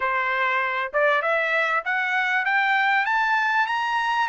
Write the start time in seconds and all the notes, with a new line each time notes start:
0.00 C5
0.93 D5
1.21 E5
1.85 F#5
2.45 G5
3.05 A5
3.67 A#5